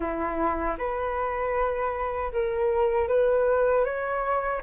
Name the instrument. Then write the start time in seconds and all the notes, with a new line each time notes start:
flute
0.00 E4
0.78 B4
2.32 A#4
3.08 B4
3.84 C#5